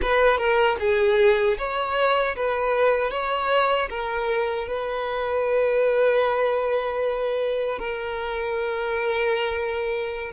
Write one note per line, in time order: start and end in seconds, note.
0.02 0.37 B4
0.37 0.76 A#4
0.79 1.57 G#4
1.58 2.36 C#5
2.36 3.11 B4
3.11 3.89 C#5
3.89 4.67 A#4
4.67 7.79 B4
7.79 10.32 A#4